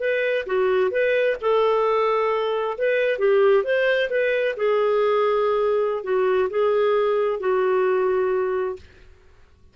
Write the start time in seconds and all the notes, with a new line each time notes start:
0.00 B4
0.46 F#4
0.91 B4
1.41 A4
2.78 B4
3.19 G4
3.64 C5
4.10 B4
4.57 G#4
6.04 F#4
6.50 G#4
7.40 F#4